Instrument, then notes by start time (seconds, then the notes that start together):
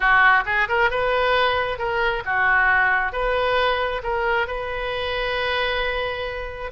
oboe
0.00 F#4
0.45 G#4
0.68 A#4
0.90 B4
1.78 A#4
2.25 F#4
3.12 B4
4.03 A#4
4.47 B4